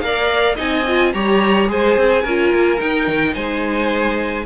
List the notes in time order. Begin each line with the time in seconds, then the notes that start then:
0.00 A#3 A#4 D5 F5
0.56 C4 D#4 D#5 G#5
0.88 F4
1.13 G3 G4 C#5 A#5
1.68 G#3 G#4 C5 G#5
1.97 C4
2.22 C#4 A#4
2.28 F4
2.53 A#3
2.77 D#4 G5
3.07 D#3
3.35 G#3 C5 G#5